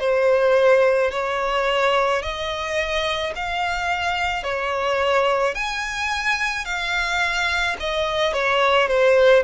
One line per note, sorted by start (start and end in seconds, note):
0.00 1.11 C5
1.11 2.22 C#5
2.22 3.33 D#5
3.36 4.44 F5
4.44 5.55 C#5
5.55 6.65 G#5
6.65 7.76 F5
7.80 8.33 D#5
8.33 8.87 C#5
8.87 9.43 C5